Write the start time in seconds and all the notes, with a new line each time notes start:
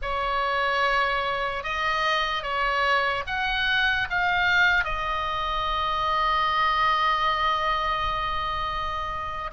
0.01 C#5
1.63 D#5
2.42 C#5
3.27 F#5
4.09 F5
4.84 D#5